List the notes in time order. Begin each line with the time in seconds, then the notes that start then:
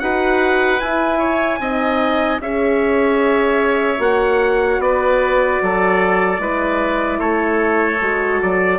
0.00 D#4 F#4 B4 F#5
0.80 E4 G#5
1.19 C#5
1.60 C4 D#4 D#5
2.40 C#4 G#4 C#5 E5
3.98 A#3 F#4 F#5
4.79 B3 B4 D5
5.62 F#3 A4
6.39 G#3 E4 B4
7.19 A3 A4 C#5
8.01 G#3 F#4
8.42 F#3 D5